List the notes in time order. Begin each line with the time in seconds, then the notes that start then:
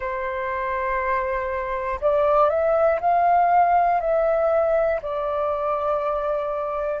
0.00 C5
2.00 D5
2.50 E5
3.00 F5
4.00 E5
5.02 D5